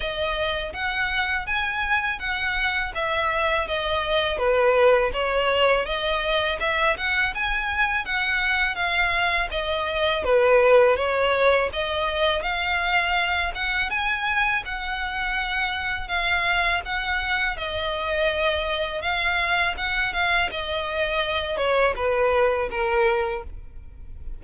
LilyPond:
\new Staff \with { instrumentName = "violin" } { \time 4/4 \tempo 4 = 82 dis''4 fis''4 gis''4 fis''4 | e''4 dis''4 b'4 cis''4 | dis''4 e''8 fis''8 gis''4 fis''4 | f''4 dis''4 b'4 cis''4 |
dis''4 f''4. fis''8 gis''4 | fis''2 f''4 fis''4 | dis''2 f''4 fis''8 f''8 | dis''4. cis''8 b'4 ais'4 | }